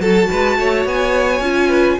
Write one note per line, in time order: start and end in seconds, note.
0.00 0.28 F#3
0.00 1.42 F#4
0.00 0.30 A4
0.00 0.86 A5
0.30 0.58 G#3
0.30 0.58 B4
0.58 0.85 A3
0.58 1.68 C#5
0.85 1.40 B3
0.85 1.99 G#5
1.40 1.97 C#4
1.40 1.99 F4
1.68 1.97 B4